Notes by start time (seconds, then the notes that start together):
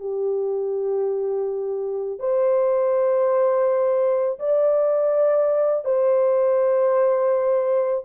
0.00 G4
2.20 C5
4.39 D5
5.85 C5